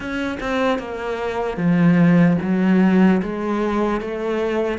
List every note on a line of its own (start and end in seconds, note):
0.00 0.38 C#4
0.40 0.78 C4
0.78 1.57 A#3
1.57 2.37 F3
2.41 3.21 F#3
3.22 4.00 G#3
4.00 4.78 A3